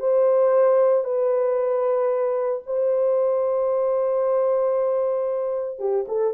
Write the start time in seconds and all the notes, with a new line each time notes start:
0.00 C5
1.04 B4
2.66 C5
5.79 G4
6.08 A4